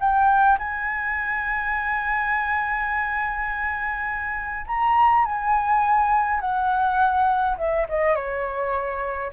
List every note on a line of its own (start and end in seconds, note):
0.00 0.58 G5
0.59 4.66 G#5
4.67 5.25 A#5
5.25 6.40 G#5
6.40 7.57 F#5
7.58 7.87 E5
7.89 8.15 D#5
8.15 9.32 C#5